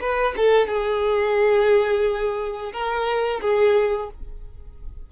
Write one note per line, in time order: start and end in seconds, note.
0.00 0.34 B4
0.36 0.67 A4
0.67 2.72 G#4
2.72 3.40 A#4
3.41 4.09 G#4